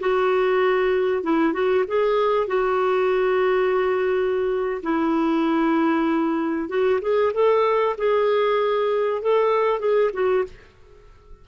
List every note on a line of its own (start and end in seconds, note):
0.00 1.23 F#4
1.23 1.53 E4
1.53 1.85 F#4
1.88 2.47 G#4
2.47 4.82 F#4
4.83 6.69 E4
6.69 7.00 F#4
7.01 7.33 G#4
7.34 7.96 A4
7.98 9.22 G#4
9.22 9.80 A4
9.80 10.11 G#4
10.13 10.45 F#4